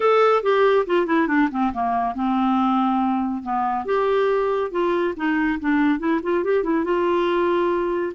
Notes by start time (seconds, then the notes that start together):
0.00 A4
0.42 G4
0.86 F4
1.06 E4
1.27 D4
1.51 C4
1.73 A#3
2.14 C4
3.43 B3
3.85 G4
4.71 F4
5.16 D#4
5.59 D4
5.99 E4
6.22 F4
6.44 G4
6.63 E4
6.84 F4